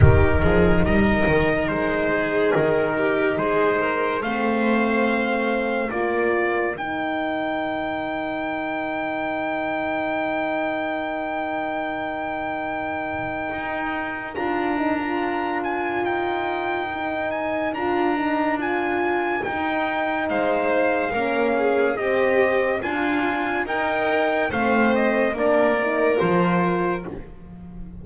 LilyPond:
<<
  \new Staff \with { instrumentName = "trumpet" } { \time 4/4 \tempo 4 = 71 ais'4 dis''4 c''4 ais'4 | c''4 f''2 d''4 | g''1~ | g''1~ |
g''4 ais''4. gis''8 g''4~ | g''8 gis''8 ais''4 gis''4 g''4 | f''2 dis''4 gis''4 | g''4 f''8 dis''8 d''4 c''4 | }
  \new Staff \with { instrumentName = "violin" } { \time 4/4 g'8 gis'8 ais'4. gis'4 g'8 | gis'8 ais'8 c''2 ais'4~ | ais'1~ | ais'1~ |
ais'1~ | ais'1 | c''4 ais'8 gis'8 g'4 f'4 | ais'4 c''4 ais'2 | }
  \new Staff \with { instrumentName = "horn" } { \time 4/4 dis'1~ | dis'4 c'2 f'4 | dis'1~ | dis'1~ |
dis'4 f'8 dis'16 f'2~ f'16 | dis'4 f'8 dis'8 f'4 dis'4~ | dis'4 cis'4 c'4 f'4 | dis'4 c'4 d'8 dis'8 f'4 | }
  \new Staff \with { instrumentName = "double bass" } { \time 4/4 dis8 f8 g8 dis8 gis4 dis4 | gis4 a2 ais4 | dis1~ | dis1 |
dis'4 d'2 dis'4~ | dis'4 d'2 dis'4 | gis4 ais4 c'4 d'4 | dis'4 a4 ais4 f4 | }
>>